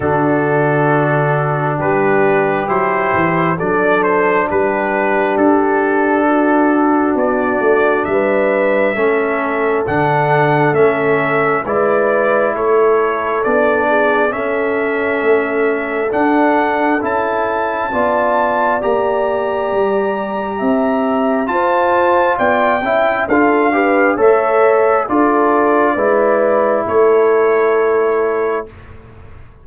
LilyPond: <<
  \new Staff \with { instrumentName = "trumpet" } { \time 4/4 \tempo 4 = 67 a'2 b'4 c''4 | d''8 c''8 b'4 a'2 | d''4 e''2 fis''4 | e''4 d''4 cis''4 d''4 |
e''2 fis''4 a''4~ | a''4 ais''2. | a''4 g''4 f''4 e''4 | d''2 cis''2 | }
  \new Staff \with { instrumentName = "horn" } { \time 4/4 fis'2 g'2 | a'4 g'2 fis'4~ | fis'4 b'4 a'2~ | a'4 b'4 a'4. gis'8 |
a'1 | d''2. e''4 | c''4 d''8 e''8 a'8 b'8 cis''4 | a'4 b'4 a'2 | }
  \new Staff \with { instrumentName = "trombone" } { \time 4/4 d'2. e'4 | d'1~ | d'2 cis'4 d'4 | cis'4 e'2 d'4 |
cis'2 d'4 e'4 | f'4 g'2. | f'4. e'8 f'8 g'8 a'4 | f'4 e'2. | }
  \new Staff \with { instrumentName = "tuba" } { \time 4/4 d2 g4 fis8 e8 | fis4 g4 d'2 | b8 a8 g4 a4 d4 | a4 gis4 a4 b4 |
cis'4 a4 d'4 cis'4 | b4 ais4 g4 c'4 | f'4 b8 cis'8 d'4 a4 | d'4 gis4 a2 | }
>>